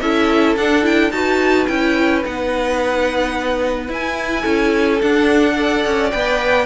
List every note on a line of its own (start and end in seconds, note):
0.00 0.57 C#4
0.00 0.58 E4
0.00 1.13 A4
0.00 0.56 E5
0.57 1.11 D4
0.57 0.83 D4
0.57 0.85 F#5
0.83 1.10 E4
0.83 1.12 G5
1.11 1.67 D#4
1.11 1.68 F#4
1.11 4.42 B4
1.11 1.67 A5
1.67 2.25 C#4
1.67 2.23 E4
1.67 2.23 G5
2.25 3.89 B3
2.25 3.88 D#4
2.25 3.93 F#5
3.88 4.99 E4
3.88 4.44 E4
3.88 5.02 G#5
4.42 5.01 C#4
4.42 5.54 A4
5.02 5.56 D4
5.02 5.86 D4
5.02 6.11 F#5
5.56 6.12 A4
5.56 6.66 D5
5.86 6.13 C#4
6.11 6.66 B3
6.11 6.66 B4
6.11 6.66 G5